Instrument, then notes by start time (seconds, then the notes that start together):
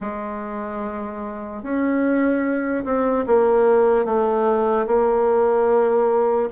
bassoon
0.00 G#3
1.63 C#4
2.85 C4
3.27 A#3
4.05 A3
4.86 A#3